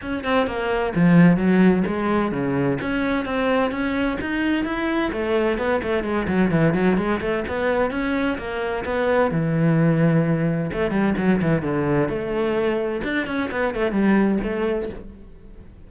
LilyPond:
\new Staff \with { instrumentName = "cello" } { \time 4/4 \tempo 4 = 129 cis'8 c'8 ais4 f4 fis4 | gis4 cis4 cis'4 c'4 | cis'4 dis'4 e'4 a4 | b8 a8 gis8 fis8 e8 fis8 gis8 a8 |
b4 cis'4 ais4 b4 | e2. a8 g8 | fis8 e8 d4 a2 | d'8 cis'8 b8 a8 g4 a4 | }